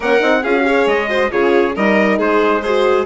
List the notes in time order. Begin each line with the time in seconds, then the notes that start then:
0.00 A#3 C#4 A#4 F#5
0.20 C4 D#4
0.42 C#4 F4 G#4 F5
0.55 F#4
0.64 G#4 C#5
0.86 G#3 D#5
1.08 F#4 C5
1.31 C#3 F4 G#4 C#5
1.75 G3 D#4 A#4 D#5
2.18 G#3 G#4 C5
2.61 F#4 G#4 C5